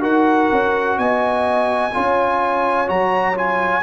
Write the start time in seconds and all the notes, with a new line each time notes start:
0.00 D#4 F#4 A#4 F#5
0.51 C#4
0.98 B3 D#5 G#5
1.93 C#4 F4 C#5
2.86 F#3 F#4 A#5
3.35 F4 G#5